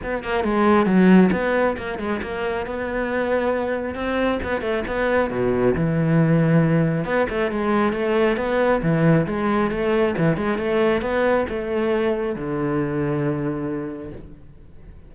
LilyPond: \new Staff \with { instrumentName = "cello" } { \time 4/4 \tempo 4 = 136 b8 ais8 gis4 fis4 b4 | ais8 gis8 ais4 b2~ | b4 c'4 b8 a8 b4 | b,4 e2. |
b8 a8 gis4 a4 b4 | e4 gis4 a4 e8 gis8 | a4 b4 a2 | d1 | }